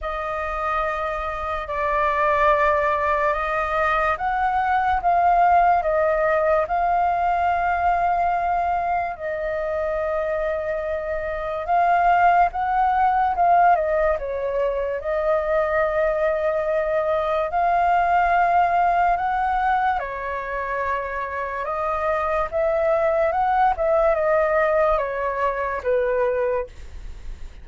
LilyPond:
\new Staff \with { instrumentName = "flute" } { \time 4/4 \tempo 4 = 72 dis''2 d''2 | dis''4 fis''4 f''4 dis''4 | f''2. dis''4~ | dis''2 f''4 fis''4 |
f''8 dis''8 cis''4 dis''2~ | dis''4 f''2 fis''4 | cis''2 dis''4 e''4 | fis''8 e''8 dis''4 cis''4 b'4 | }